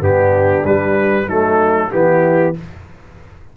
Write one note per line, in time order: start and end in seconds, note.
0.00 0.64 G2
0.00 0.63 B3
0.00 1.25 D4
0.00 0.66 G4
0.64 1.28 G3
0.64 1.27 G3
0.64 1.29 B4
1.25 1.91 F#3
1.25 1.90 A3
1.25 1.88 D#4
1.25 1.92 A4
1.91 2.57 E3
1.91 2.54 B3
1.91 2.56 E4
1.91 2.56 G4